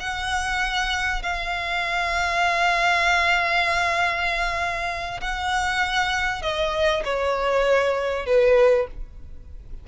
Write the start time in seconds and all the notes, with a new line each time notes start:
0.00 F#5
1.22 F5
5.21 F#5
6.42 D#5
7.04 C#5
8.26 B4